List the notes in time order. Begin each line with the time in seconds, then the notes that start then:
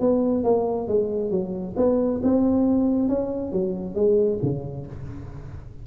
0.00 B3
0.43 A#3
0.87 G#3
1.31 F#3
1.76 B3
2.23 C4
3.08 C#4
3.52 F#3
3.95 G#3
4.42 C#3